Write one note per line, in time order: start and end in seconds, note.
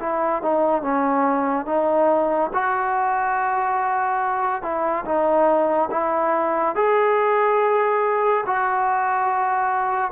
0.00 0.42 E4
0.42 0.82 D#4
0.82 1.66 C#4
1.66 2.50 D#4
2.54 4.62 F#4
4.62 5.05 E4
5.05 5.90 D#4
5.91 6.75 E4
6.75 8.44 G#4
8.46 10.11 F#4